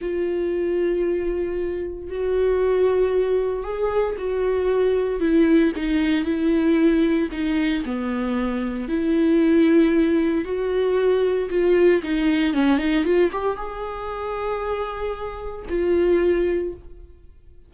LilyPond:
\new Staff \with { instrumentName = "viola" } { \time 4/4 \tempo 4 = 115 f'1 | fis'2. gis'4 | fis'2 e'4 dis'4 | e'2 dis'4 b4~ |
b4 e'2. | fis'2 f'4 dis'4 | cis'8 dis'8 f'8 g'8 gis'2~ | gis'2 f'2 | }